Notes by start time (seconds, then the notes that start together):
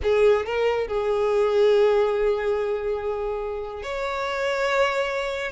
0.03 G#4
0.45 A#4
0.87 G#4
3.83 C#5